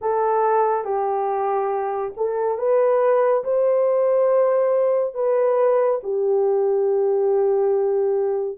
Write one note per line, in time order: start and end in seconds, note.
0.01 0.84 A4
0.84 2.13 G4
2.17 2.58 A4
2.58 3.43 B4
3.44 5.14 C5
5.14 6.00 B4
6.03 8.58 G4